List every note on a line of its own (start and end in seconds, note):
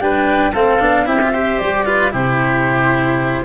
0.00 0.53 G3
0.00 0.54 D4
0.00 0.52 B4
0.00 0.53 G5
0.52 0.80 A3
0.52 0.80 C4
0.52 1.05 A4
0.52 1.07 F5
0.80 1.07 B3
0.80 1.06 D4
1.06 1.60 C4
1.06 1.19 E4
1.06 1.32 G4
1.06 1.59 E5
1.22 1.34 F4
1.32 1.86 G4
1.32 1.85 C5
1.59 2.13 G3
1.59 2.12 D5
1.86 2.11 F4
1.86 2.12 B4
2.11 3.45 C3
2.11 3.43 E4
2.11 3.45 G4
2.11 3.45 C5